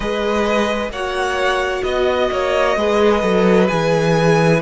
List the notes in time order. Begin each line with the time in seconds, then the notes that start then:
0.00 G#3 G#4 B4 D#5
0.89 A#3 F#4 C#5 F#5
1.83 B3 D#5
2.31 A#3 C#5
2.76 G#3 G#4 B4
3.20 F#3 A4
3.67 E3 G#4 G#5